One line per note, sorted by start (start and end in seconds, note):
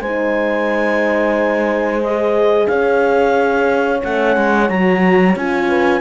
0.00 2.67 G#3
0.00 2.05 D#4
0.00 2.68 C5
0.00 2.01 G#5
2.03 4.01 G#4
2.03 2.67 D#5
2.67 4.02 C#4
2.67 5.69 C#5
2.67 4.00 F5
4.01 4.36 A3
4.01 4.68 C#4
4.01 4.69 F#5
4.36 4.69 G#3
4.69 5.36 F#3
4.69 5.36 F#4
4.69 5.36 A#5
5.36 6.01 C#4
5.36 6.01 F4
5.36 6.01 G#5
5.69 6.01 B4